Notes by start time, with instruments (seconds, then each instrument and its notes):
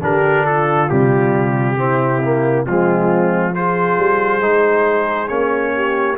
0.00 tuba D3, trombone D4, horn G4, trumpet A#4
0.44 horn F4, trumpet A4
0.89 tuba C3, trombone G3, trumpet G4
1.77 trombone C4, horn E4
2.22 trombone A#3
2.65 tuba F3, trombone G#3, horn C4, trumpet F4
3.54 trombone F4, horn G#4, trumpet C5
3.98 tuba G3
4.41 tuba G#3, trombone D#4
5.28 tuba A#3, trombone C#4, trumpet C#5
5.74 horn G4